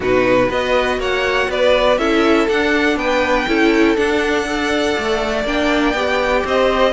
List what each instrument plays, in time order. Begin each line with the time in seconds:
0.00 cello B2, viola D#4, violin F#4 B4
0.49 cello B3, viola F#4, violin B4 D#5
0.97 cello A#3, violin C#5 F#5
1.49 cello B3, violin B4 D5
1.97 cello C#4, viola E4, violin A4 E5
2.48 cello D4, viola D4, violin F#5
2.96 cello B3, violin B4 G5
3.47 cello C#4, viola E4, violin A4
3.96 viola D4, cello D4, violin F#5
4.46 viola A4, violin D5
4.98 cello A3
5.44 cello A#3, viola D4, violin G5
5.93 cello B3, viola G4
6.44 cello C4, violin C5 D#5